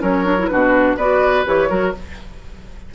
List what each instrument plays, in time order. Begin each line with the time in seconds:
0.00 bassoon F#3, clarinet C#4, oboe A#4, flute C#5
0.24 clarinet D4
0.38 clarinet E4
0.46 clarinet D4, oboe F#4, flute B4
0.52 bassoon B2
0.96 bassoon B3, clarinet F#4, oboe B4, flute D5
1.45 bassoon E3, clarinet G4, flute C#5
1.69 bassoon F#3, clarinet F#4, oboe A#4